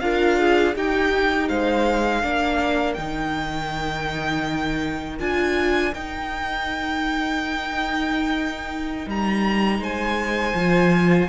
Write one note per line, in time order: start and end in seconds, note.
0.00 0.75 D4
0.00 0.75 F4
0.00 0.40 A#4
0.00 0.74 F5
0.40 0.76 G#4
0.76 1.49 D#4
0.76 2.23 D#4
0.76 1.49 G4
0.76 1.49 G5
1.49 2.23 G#3
1.49 2.23 C5
1.49 2.94 F5
2.23 2.98 A#3
2.23 2.97 D4
2.23 9.81 A#4
2.94 5.20 D#3
2.94 5.19 D#4
2.94 5.16 G5
5.19 5.94 D4
5.19 5.93 F4
5.19 5.94 G#5
5.94 10.56 D#4
5.94 9.07 D#4
5.94 9.09 G5
9.07 9.80 G3
9.07 9.83 A#5
9.80 10.54 G#3
9.80 11.29 C5
9.80 11.29 G#5
10.54 11.28 F3
10.54 11.29 F4